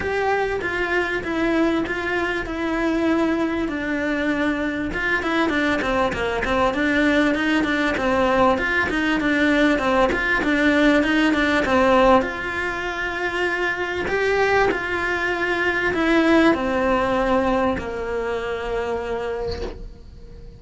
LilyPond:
\new Staff \with { instrumentName = "cello" } { \time 4/4 \tempo 4 = 98 g'4 f'4 e'4 f'4 | e'2 d'2 | f'8 e'8 d'8 c'8 ais8 c'8 d'4 | dis'8 d'8 c'4 f'8 dis'8 d'4 |
c'8 f'8 d'4 dis'8 d'8 c'4 | f'2. g'4 | f'2 e'4 c'4~ | c'4 ais2. | }